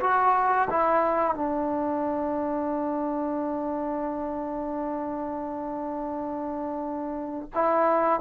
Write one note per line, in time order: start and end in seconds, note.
0.00 0.68 F#4
0.70 1.35 E4
1.35 7.48 D4
7.54 8.20 E4